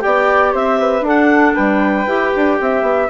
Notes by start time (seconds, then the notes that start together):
0.00 B3 G4 D5 G5
0.53 C4 C5 E5
0.80 B4
1.01 D4 A4
1.07 F#5
1.54 G3 B4 G5
2.06 E4 G4
2.36 D4
2.61 C4 E5
2.82 B3